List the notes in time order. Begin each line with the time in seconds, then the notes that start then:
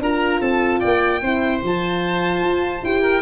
0.00 D4 F4 A#4 A#5
0.41 C4 A4 A5
0.80 A#3 D5 G5
1.22 C4 E4 C5
1.63 F3 F4 A5
2.42 F4
2.83 E4 G4 G5
3.03 A#4